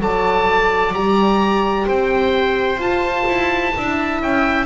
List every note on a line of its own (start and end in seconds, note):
0.00 0.94 F#3
0.00 0.94 A4
0.00 1.86 D5
0.00 0.94 A5
0.94 1.88 G3
0.94 2.80 G4
0.94 1.88 A#5
1.86 2.77 C4
1.86 3.73 C5
1.86 2.81 G5
2.77 3.24 F4
2.77 3.74 F4
2.77 4.21 A5
3.28 3.75 E4
3.75 4.22 D4
3.75 4.66 E4
3.75 4.66 E5
4.22 4.66 C#4
4.22 4.66 G5